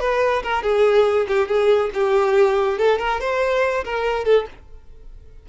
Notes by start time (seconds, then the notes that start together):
0.00 B4
0.43 A#4
0.63 G#4
1.28 G4
1.48 G#4
1.94 G4
2.78 A4
2.99 A#4
3.21 C5
3.85 A#4
4.25 A4